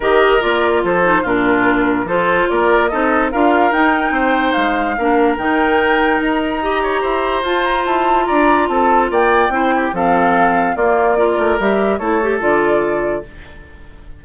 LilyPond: <<
  \new Staff \with { instrumentName = "flute" } { \time 4/4 \tempo 4 = 145 dis''4 d''4 c''4 ais'4~ | ais'4 c''4 d''4 dis''4 | f''4 g''2 f''4~ | f''4 g''2 ais''4~ |
ais''2 a''8 ais''8 a''4 | ais''4 a''4 g''2 | f''2 d''2 | e''4 cis''4 d''2 | }
  \new Staff \with { instrumentName = "oboe" } { \time 4/4 ais'2 a'4 f'4~ | f'4 a'4 ais'4 a'4 | ais'2 c''2 | ais'1 |
dis''8 cis''8 c''2. | d''4 a'4 d''4 c''8 g'8 | a'2 f'4 ais'4~ | ais'4 a'2. | }
  \new Staff \with { instrumentName = "clarinet" } { \time 4/4 g'4 f'4. dis'8 d'4~ | d'4 f'2 dis'4 | f'4 dis'2. | d'4 dis'2. |
g'2 f'2~ | f'2. e'4 | c'2 ais4 f'4 | g'4 e'8 g'8 f'2 | }
  \new Staff \with { instrumentName = "bassoon" } { \time 4/4 dis4 ais4 f4 ais,4~ | ais,4 f4 ais4 c'4 | d'4 dis'4 c'4 gis4 | ais4 dis2 dis'4~ |
dis'4 e'4 f'4 e'4 | d'4 c'4 ais4 c'4 | f2 ais4. a8 | g4 a4 d2 | }
>>